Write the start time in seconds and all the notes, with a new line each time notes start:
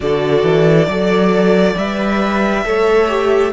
0.00 D3 F#4 A4 D5
0.43 E3
0.87 F#3 A4 D5
1.76 G3 B4 E5
2.64 A3 A4 C#5
3.08 G4